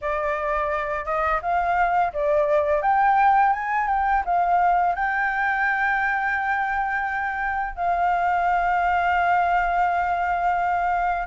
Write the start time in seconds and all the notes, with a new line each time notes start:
0.01 D5
1.05 D#5
1.41 F5
2.13 D5
2.82 G5
3.53 G#5
3.87 G5
4.25 F5
4.95 G5
7.75 F5